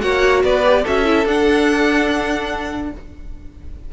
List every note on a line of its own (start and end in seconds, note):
0.00 0.44 A#3
0.00 0.62 F#4
0.00 0.44 C#5
0.00 0.43 F#5
0.44 0.85 B3
0.44 0.84 B4
0.44 0.85 D5
0.65 0.85 G4
0.84 1.26 C#4
0.84 1.05 F#4
0.84 2.90 A4
0.84 1.28 E5
1.05 1.26 E4
1.26 2.91 D4
1.26 2.93 D4
1.26 2.93 F#5